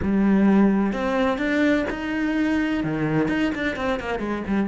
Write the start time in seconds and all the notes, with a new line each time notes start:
0.02 G3
0.93 C4
1.38 D4
1.89 D#4
2.83 D#3
3.28 D#4
3.54 D4
3.76 C4
3.99 A#3
4.19 G#3
4.47 G3